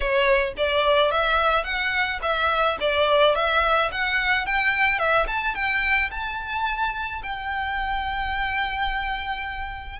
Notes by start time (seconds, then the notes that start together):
0.00 C#5
0.57 D5
1.11 E5
1.64 F#5
2.21 E5
2.80 D5
3.35 E5
3.91 F#5
4.45 G5
4.98 E5
5.27 A5
5.55 G5
6.11 A5
7.22 G5